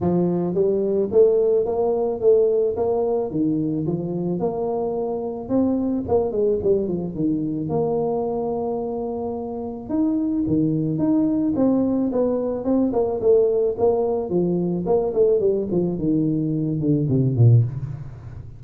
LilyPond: \new Staff \with { instrumentName = "tuba" } { \time 4/4 \tempo 4 = 109 f4 g4 a4 ais4 | a4 ais4 dis4 f4 | ais2 c'4 ais8 gis8 | g8 f8 dis4 ais2~ |
ais2 dis'4 dis4 | dis'4 c'4 b4 c'8 ais8 | a4 ais4 f4 ais8 a8 | g8 f8 dis4. d8 c8 ais,8 | }